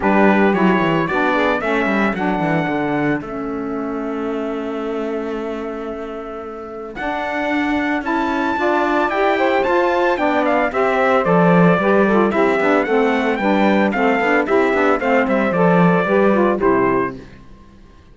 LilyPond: <<
  \new Staff \with { instrumentName = "trumpet" } { \time 4/4 \tempo 4 = 112 b'4 cis''4 d''4 e''4 | fis''2 e''2~ | e''1~ | e''4 fis''2 a''4~ |
a''4 g''4 a''4 g''8 f''8 | e''4 d''2 e''4 | fis''4 g''4 f''4 e''4 | f''8 e''8 d''2 c''4 | }
  \new Staff \with { instrumentName = "saxophone" } { \time 4/4 g'2 fis'8 gis'8 a'4~ | a'1~ | a'1~ | a'1 |
d''4. c''4. d''4 | c''2 b'8 a'8 g'4 | a'4 b'4 a'4 g'4 | c''2 b'4 g'4 | }
  \new Staff \with { instrumentName = "saxophone" } { \time 4/4 d'4 e'4 d'4 cis'4 | d'2 cis'2~ | cis'1~ | cis'4 d'2 e'4 |
f'4 g'4 f'4 d'4 | g'4 a'4 g'8 f'8 e'8 d'8 | c'4 d'4 c'8 d'8 e'8 d'8 | c'4 a'4 g'8 f'8 e'4 | }
  \new Staff \with { instrumentName = "cello" } { \time 4/4 g4 fis8 e8 b4 a8 g8 | fis8 e8 d4 a2~ | a1~ | a4 d'2 cis'4 |
d'4 e'4 f'4 b4 | c'4 f4 g4 c'8 b8 | a4 g4 a8 b8 c'8 b8 | a8 g8 f4 g4 c4 | }
>>